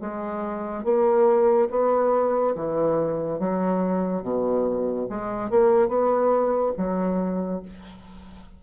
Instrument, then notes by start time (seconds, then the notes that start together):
bassoon
0.00 G#3
0.83 A#3
1.70 B3
2.55 E3
3.39 F#3
4.22 B2
5.09 G#3
5.50 A#3
5.88 B3
6.77 F#3